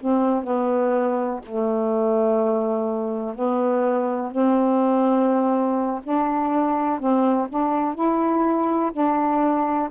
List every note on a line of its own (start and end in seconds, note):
0.00 0.44 C4
0.44 1.40 B3
1.45 3.35 A3
3.35 4.32 B3
4.32 6.01 C4
6.04 6.99 D4
6.99 7.48 C4
7.49 7.94 D4
7.94 8.91 E4
8.93 9.89 D4